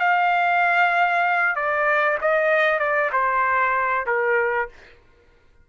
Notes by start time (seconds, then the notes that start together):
0.00 F5
1.56 D5
2.21 D#5
2.79 D5
3.12 C5
4.07 A#4